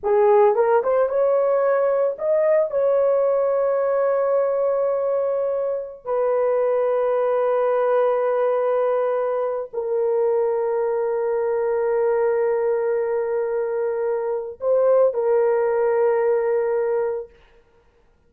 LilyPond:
\new Staff \with { instrumentName = "horn" } { \time 4/4 \tempo 4 = 111 gis'4 ais'8 c''8 cis''2 | dis''4 cis''2.~ | cis''2.~ cis''16 b'8.~ | b'1~ |
b'2 ais'2~ | ais'1~ | ais'2. c''4 | ais'1 | }